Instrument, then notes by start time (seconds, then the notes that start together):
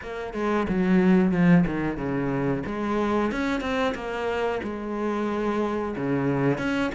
cello
0.02 A#3
0.33 G#3
0.69 F#3
1.31 F3
1.66 D#3
1.97 C#3
2.66 G#3
3.31 C#4
3.61 C4
3.94 A#3
4.63 G#3
5.96 C#3
6.58 C#4